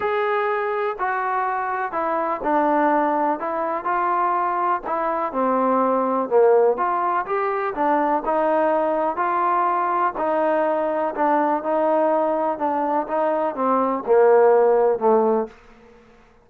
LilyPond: \new Staff \with { instrumentName = "trombone" } { \time 4/4 \tempo 4 = 124 gis'2 fis'2 | e'4 d'2 e'4 | f'2 e'4 c'4~ | c'4 ais4 f'4 g'4 |
d'4 dis'2 f'4~ | f'4 dis'2 d'4 | dis'2 d'4 dis'4 | c'4 ais2 a4 | }